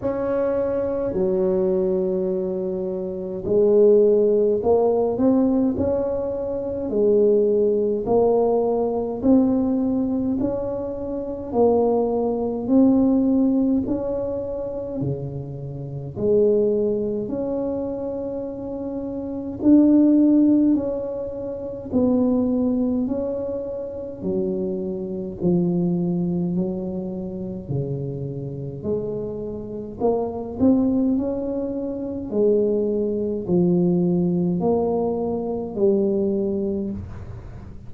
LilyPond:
\new Staff \with { instrumentName = "tuba" } { \time 4/4 \tempo 4 = 52 cis'4 fis2 gis4 | ais8 c'8 cis'4 gis4 ais4 | c'4 cis'4 ais4 c'4 | cis'4 cis4 gis4 cis'4~ |
cis'4 d'4 cis'4 b4 | cis'4 fis4 f4 fis4 | cis4 gis4 ais8 c'8 cis'4 | gis4 f4 ais4 g4 | }